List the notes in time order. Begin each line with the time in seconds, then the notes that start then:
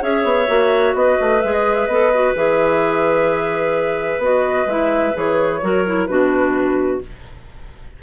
0.00 C#4 G#4 C#5 E5
0.24 B3
0.47 A#3 F#4
0.94 B3 B4 D#5
1.21 A3
1.42 G#3 G#4 E5
1.53 D#5
1.75 E5
1.87 B3 A4 D#5
2.14 F#4
2.36 E3 G#4 E5
4.18 B3 F#4 D#5
4.66 G#3 E4 E5
5.14 E3 G#4 C#5
5.62 F#3 F#4 A#4
5.86 E4
6.06 B2 D4 F#4 B4